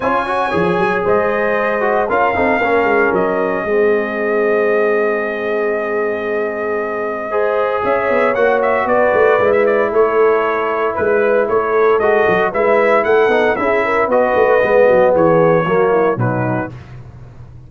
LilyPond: <<
  \new Staff \with { instrumentName = "trumpet" } { \time 4/4 \tempo 4 = 115 gis''2 dis''2 | f''2 dis''2~ | dis''1~ | dis''2. e''4 |
fis''8 e''8 d''4~ d''16 e''16 d''8 cis''4~ | cis''4 b'4 cis''4 dis''4 | e''4 fis''4 e''4 dis''4~ | dis''4 cis''2 b'4 | }
  \new Staff \with { instrumentName = "horn" } { \time 4/4 cis''2 c''2 | ais'8 a'8 ais'2 gis'4~ | gis'1~ | gis'2 c''4 cis''4~ |
cis''4 b'2 a'4~ | a'4 b'4 a'2 | b'4 a'4 gis'8 ais'8 b'4~ | b'8 fis'8 gis'4 fis'8 e'8 dis'4 | }
  \new Staff \with { instrumentName = "trombone" } { \time 4/4 f'8 fis'8 gis'2~ gis'8 fis'8 | f'8 dis'8 cis'2 c'4~ | c'1~ | c'2 gis'2 |
fis'2 e'2~ | e'2. fis'4 | e'4. dis'8 e'4 fis'4 | b2 ais4 fis4 | }
  \new Staff \with { instrumentName = "tuba" } { \time 4/4 cis'4 f8 fis8 gis2 | cis'8 c'8 ais8 gis8 fis4 gis4~ | gis1~ | gis2. cis'8 b8 |
ais4 b8 a8 gis4 a4~ | a4 gis4 a4 gis8 fis8 | gis4 a8 b8 cis'4 b8 a8 | gis8 fis8 e4 fis4 b,4 | }
>>